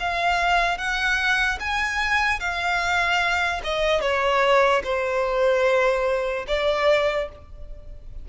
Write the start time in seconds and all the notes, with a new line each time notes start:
0.00 F5
0.78 F#5
1.60 G#5
2.40 F5
3.64 D#5
4.01 C#5
4.84 C5
6.48 D5